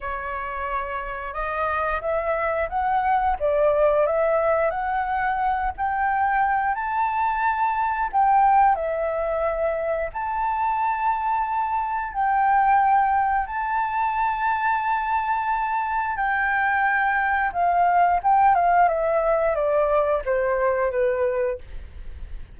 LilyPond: \new Staff \with { instrumentName = "flute" } { \time 4/4 \tempo 4 = 89 cis''2 dis''4 e''4 | fis''4 d''4 e''4 fis''4~ | fis''8 g''4. a''2 | g''4 e''2 a''4~ |
a''2 g''2 | a''1 | g''2 f''4 g''8 f''8 | e''4 d''4 c''4 b'4 | }